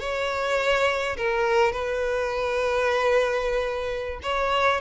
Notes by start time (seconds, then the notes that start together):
0.00 C#5
1.17 A#4
1.72 B4
4.23 C#5